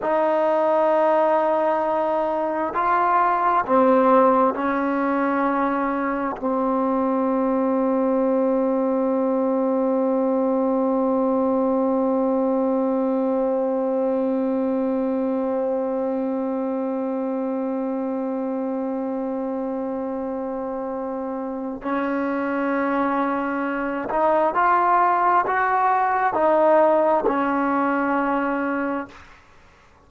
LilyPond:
\new Staff \with { instrumentName = "trombone" } { \time 4/4 \tempo 4 = 66 dis'2. f'4 | c'4 cis'2 c'4~ | c'1~ | c'1~ |
c'1~ | c'1 | cis'2~ cis'8 dis'8 f'4 | fis'4 dis'4 cis'2 | }